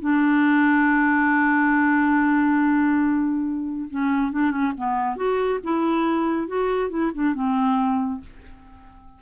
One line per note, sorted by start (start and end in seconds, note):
0.00 3.88 D4
3.90 4.32 C#4
4.32 4.51 D4
4.51 4.72 C#4
4.77 5.16 B3
5.16 5.60 F#4
5.63 6.48 E4
6.48 6.90 F#4
6.90 7.12 E4
7.14 7.34 D4
7.34 8.21 C4